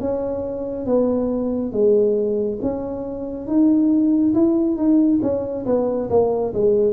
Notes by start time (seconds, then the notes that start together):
0.00 C#4
0.86 B3
1.72 G#3
2.62 C#4
3.47 D#4
4.34 E4
4.76 D#4
5.22 C#4
5.66 B3
6.09 A#3
6.54 G#3